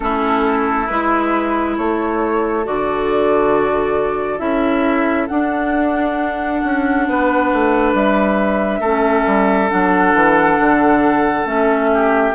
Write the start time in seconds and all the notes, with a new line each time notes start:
0.00 A3 C#4 E4 A4
0.87 G#3 E4 B4
1.77 A3 A4 C#5
2.64 D3 F#4 D5
4.38 C#4 E4 E5
5.27 D4 F#5
6.63 C#4
7.07 B3 B4
7.52 A3
7.93 G3 E5
8.79 A3 C#4 A4
9.26 G3
9.69 F#3 D4 F#5
10.13 E3
10.59 D3
11.45 A3 C#4 E5
11.93 G4